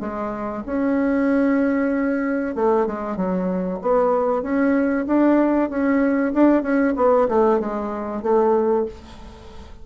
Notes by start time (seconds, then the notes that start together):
0.00 G#3
0.66 C#4
2.55 A3
2.87 G#3
3.16 F#3
3.82 B3
4.42 C#4
5.07 D4
5.70 C#4
6.34 D4
6.63 C#4
6.96 B3
7.28 A3
7.59 G#3
8.22 A3